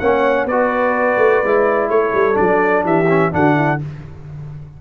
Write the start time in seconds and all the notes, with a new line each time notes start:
0.00 A#3 C#4 C#5 F#5
0.46 B3 F#4 B4 D5
1.18 A3
1.44 G#3 E4
1.90 A3 A4 C#5
2.14 G3
2.34 F#3 D4 D5
2.85 E3 G4 E5
3.09 C#4
3.32 D3 D4 F#4 F#5
3.56 E4